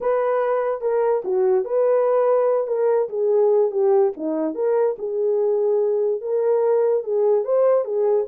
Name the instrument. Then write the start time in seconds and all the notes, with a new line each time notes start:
horn
0.01 B4
0.81 A#4
1.24 F#4
1.65 B4
2.67 A#4
3.09 G#4
3.71 G4
4.16 D#4
4.55 A#4
4.98 G#4
6.21 A#4
7.03 G#4
7.44 C5
7.84 G#4